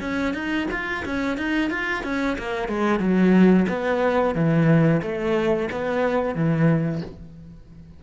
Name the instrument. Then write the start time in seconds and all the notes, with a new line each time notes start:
cello
0.00 C#4
0.34 D#4
0.71 F4
1.05 C#4
1.37 D#4
1.70 F4
2.03 C#4
2.38 A#3
2.68 G#3
2.99 F#3
3.68 B3
4.35 E3
5.02 A3
5.71 B3
6.35 E3